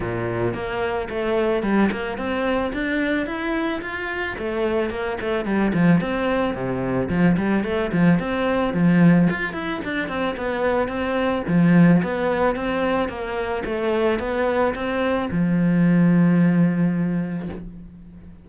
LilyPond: \new Staff \with { instrumentName = "cello" } { \time 4/4 \tempo 4 = 110 ais,4 ais4 a4 g8 ais8 | c'4 d'4 e'4 f'4 | a4 ais8 a8 g8 f8 c'4 | c4 f8 g8 a8 f8 c'4 |
f4 f'8 e'8 d'8 c'8 b4 | c'4 f4 b4 c'4 | ais4 a4 b4 c'4 | f1 | }